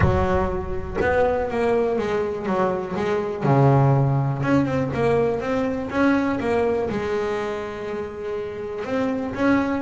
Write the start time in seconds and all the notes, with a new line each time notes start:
0.00 F#3
1.01 B3
1.50 A#3
1.98 G#3
2.46 F#3
2.96 G#3
3.43 C#3
4.42 C#4
4.65 C4
4.94 A#3
5.40 C4
5.89 C#4
6.40 A#3
6.89 G#3
8.84 C4
9.34 C#4